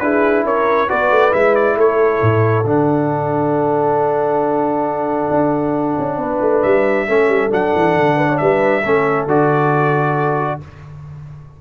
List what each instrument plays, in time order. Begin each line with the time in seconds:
0.00 tuba D4, trombone E4, horn G#4, trumpet B4
0.44 tuba C#4, horn A#4, trumpet C#5
0.88 tuba B3, trombone F#4, horn B4, trumpet D5
1.11 tuba A3
1.32 tuba G#3, trombone E4, trumpet E5
1.56 trumpet D5
1.76 tuba A3, horn A4, trumpet C#5
2.22 tuba A2
2.65 tuba D3, trombone D4, trumpet F#5
5.31 tuba D4
5.99 tuba C#4
6.18 tuba B3, horn B4
6.42 tuba A3
6.62 tuba G3, trumpet E5
7.08 tuba A3, trombone C#4, horn A4
7.29 tuba G3
7.50 tuba F#3, trombone D4, trumpet F#5
7.75 tuba E3
7.96 tuba D3
8.16 horn B4
8.29 horn C#5
8.38 tuba G3, horn B4, trumpet E5
8.83 tuba A3, trombone C#4, horn A4
9.27 tuba D3, trombone F#4, trumpet D5